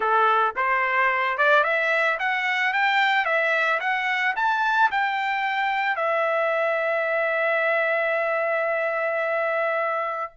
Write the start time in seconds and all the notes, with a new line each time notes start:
0.00 A4
0.56 C5
1.37 D5
1.63 E5
2.19 F#5
2.73 G5
3.25 E5
3.80 F#5
4.36 A5
4.91 G5
5.96 E5